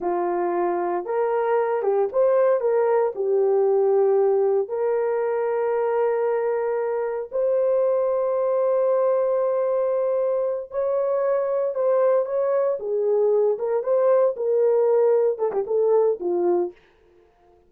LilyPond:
\new Staff \with { instrumentName = "horn" } { \time 4/4 \tempo 4 = 115 f'2 ais'4. g'8 | c''4 ais'4 g'2~ | g'4 ais'2.~ | ais'2 c''2~ |
c''1~ | c''8 cis''2 c''4 cis''8~ | cis''8 gis'4. ais'8 c''4 ais'8~ | ais'4. a'16 g'16 a'4 f'4 | }